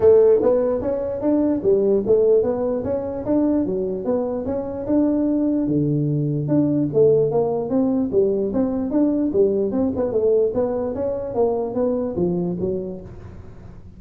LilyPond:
\new Staff \with { instrumentName = "tuba" } { \time 4/4 \tempo 4 = 148 a4 b4 cis'4 d'4 | g4 a4 b4 cis'4 | d'4 fis4 b4 cis'4 | d'2 d2 |
d'4 a4 ais4 c'4 | g4 c'4 d'4 g4 | c'8 b8 a4 b4 cis'4 | ais4 b4 f4 fis4 | }